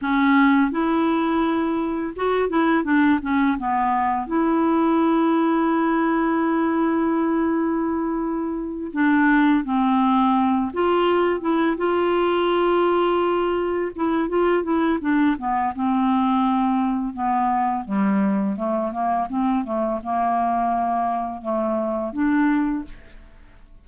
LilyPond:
\new Staff \with { instrumentName = "clarinet" } { \time 4/4 \tempo 4 = 84 cis'4 e'2 fis'8 e'8 | d'8 cis'8 b4 e'2~ | e'1~ | e'8 d'4 c'4. f'4 |
e'8 f'2. e'8 | f'8 e'8 d'8 b8 c'2 | b4 g4 a8 ais8 c'8 a8 | ais2 a4 d'4 | }